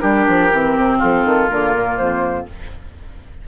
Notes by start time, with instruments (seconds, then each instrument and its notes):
0.00 bassoon G3, clarinet D4, oboe G4, flute A#4
0.28 bassoon F3
0.52 bassoon E3, clarinet C4
0.77 bassoon C3
0.98 bassoon F3, oboe F4, flute A4
1.25 bassoon D#3
1.49 bassoon D3, clarinet A#3, flute A#4
1.75 bassoon A#2
1.98 bassoon F2, flute C5